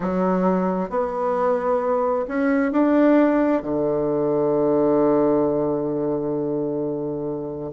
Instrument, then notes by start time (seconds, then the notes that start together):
bassoon
0.00 F#3
0.89 B3
2.27 C#4
2.71 D4
3.62 D3